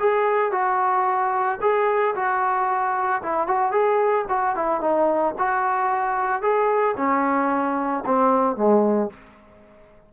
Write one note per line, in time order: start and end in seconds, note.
0.00 0.52 G#4
0.52 1.59 F#4
1.62 2.15 G#4
2.15 3.22 F#4
3.23 3.47 E4
3.47 3.72 F#4
3.72 4.26 G#4
4.29 4.56 F#4
4.56 4.81 E4
4.81 5.35 D#4
5.39 6.42 F#4
6.42 6.96 G#4
6.97 8.04 C#4
8.06 8.57 C4
8.57 9.10 G#3